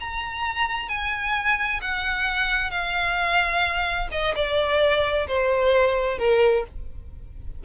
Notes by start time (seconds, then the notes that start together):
0.00 A#5
0.88 G#5
1.81 F#5
2.71 F5
4.12 D#5
4.35 D5
5.27 C5
6.18 A#4